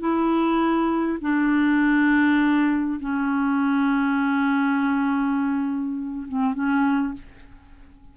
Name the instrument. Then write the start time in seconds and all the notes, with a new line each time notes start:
clarinet
0.00 E4
1.22 D4
3.01 C#4
6.29 C4
6.55 C#4